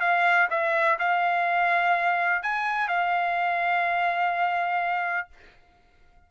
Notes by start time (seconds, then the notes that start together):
0.00 F5
0.50 E5
0.99 F5
2.43 G#5
2.88 F5